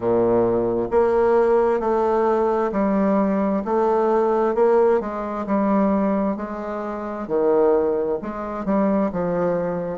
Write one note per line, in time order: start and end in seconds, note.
0.00 0.88 A#2
0.90 1.80 A#3
1.80 2.71 A3
2.72 3.63 G3
3.64 4.55 A3
4.55 5.00 A#3
5.00 5.45 G#3
5.46 6.36 G3
6.36 7.27 G#3
7.27 8.18 D#3
8.22 8.65 G#3
8.65 9.10 G3
9.12 9.98 F3